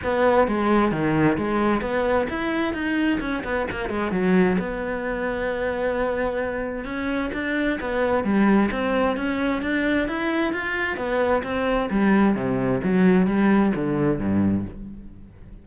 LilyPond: \new Staff \with { instrumentName = "cello" } { \time 4/4 \tempo 4 = 131 b4 gis4 dis4 gis4 | b4 e'4 dis'4 cis'8 b8 | ais8 gis8 fis4 b2~ | b2. cis'4 |
d'4 b4 g4 c'4 | cis'4 d'4 e'4 f'4 | b4 c'4 g4 c4 | fis4 g4 d4 g,4 | }